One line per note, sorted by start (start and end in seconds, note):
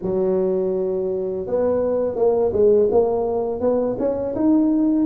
0.02 1.46 F#3
1.46 2.15 B3
2.15 2.51 A#3
2.53 2.89 G#3
2.91 3.60 A#3
3.60 3.96 B3
3.98 4.34 C#4
4.35 5.05 D#4